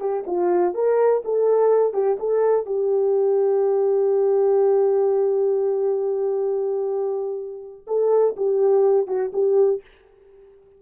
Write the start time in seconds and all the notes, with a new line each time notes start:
0.00 G4
0.27 F4
0.74 A#4
1.24 A4
1.93 G4
2.20 A4
2.65 G4
7.87 A4
8.36 G4
9.07 F#4
9.33 G4